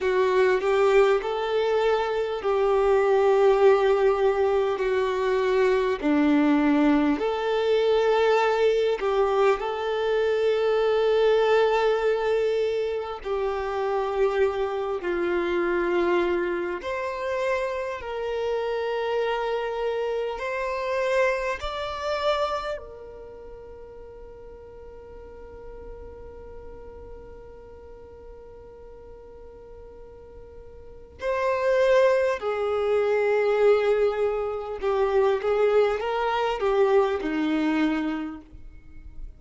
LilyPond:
\new Staff \with { instrumentName = "violin" } { \time 4/4 \tempo 4 = 50 fis'8 g'8 a'4 g'2 | fis'4 d'4 a'4. g'8 | a'2. g'4~ | g'8 f'4. c''4 ais'4~ |
ais'4 c''4 d''4 ais'4~ | ais'1~ | ais'2 c''4 gis'4~ | gis'4 g'8 gis'8 ais'8 g'8 dis'4 | }